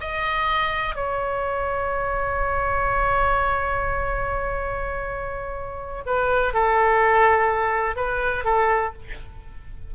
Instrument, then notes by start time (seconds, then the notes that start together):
oboe
0.00 D#5
0.95 C#5
6.06 B4
6.53 A4
7.96 B4
8.44 A4